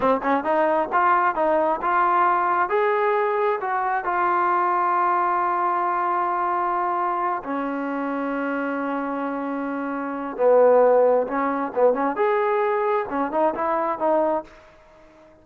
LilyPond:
\new Staff \with { instrumentName = "trombone" } { \time 4/4 \tempo 4 = 133 c'8 cis'8 dis'4 f'4 dis'4 | f'2 gis'2 | fis'4 f'2.~ | f'1~ |
f'8 cis'2.~ cis'8~ | cis'2. b4~ | b4 cis'4 b8 cis'8 gis'4~ | gis'4 cis'8 dis'8 e'4 dis'4 | }